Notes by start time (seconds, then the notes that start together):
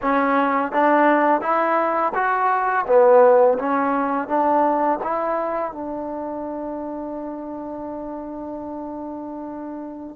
0.02 C#4
0.71 D4
1.41 E4
2.14 F#4
2.86 B3
3.58 C#4
4.28 D4
5.03 E4
5.72 D4